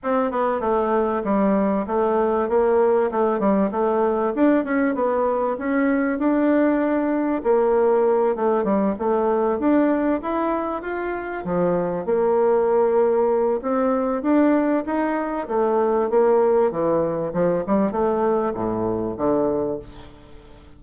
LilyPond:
\new Staff \with { instrumentName = "bassoon" } { \time 4/4 \tempo 4 = 97 c'8 b8 a4 g4 a4 | ais4 a8 g8 a4 d'8 cis'8 | b4 cis'4 d'2 | ais4. a8 g8 a4 d'8~ |
d'8 e'4 f'4 f4 ais8~ | ais2 c'4 d'4 | dis'4 a4 ais4 e4 | f8 g8 a4 a,4 d4 | }